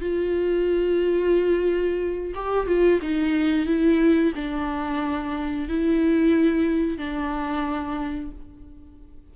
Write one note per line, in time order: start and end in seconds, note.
0.00 2.33 F4
2.35 2.67 G4
2.67 3.00 F4
3.02 3.66 D#4
3.66 4.33 E4
4.35 5.68 D4
5.68 6.98 E4
6.98 8.31 D4